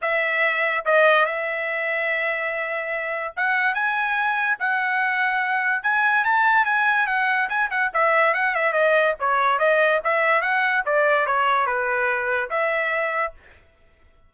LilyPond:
\new Staff \with { instrumentName = "trumpet" } { \time 4/4 \tempo 4 = 144 e''2 dis''4 e''4~ | e''1 | fis''4 gis''2 fis''4~ | fis''2 gis''4 a''4 |
gis''4 fis''4 gis''8 fis''8 e''4 | fis''8 e''8 dis''4 cis''4 dis''4 | e''4 fis''4 d''4 cis''4 | b'2 e''2 | }